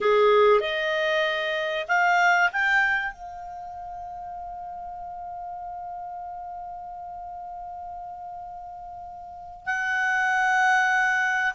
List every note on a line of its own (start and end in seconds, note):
0.00 0.60 G#4
0.60 1.85 D#5
1.88 2.50 F5
2.52 3.12 G5
3.12 9.66 F5
9.66 11.53 F#5